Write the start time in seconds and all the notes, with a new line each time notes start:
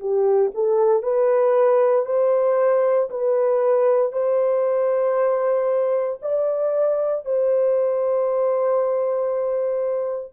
0.00 G4
0.55 A4
1.03 B4
2.05 C5
3.10 B4
4.12 C5
6.22 D5
7.25 C5